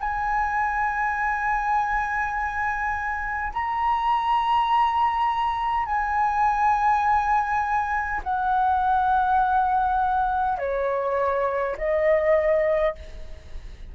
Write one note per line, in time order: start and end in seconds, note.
0.00 3.53 G#5
3.53 5.86 A#5
5.86 8.21 G#5
8.24 10.58 F#5
10.58 11.76 C#5
11.78 12.95 D#5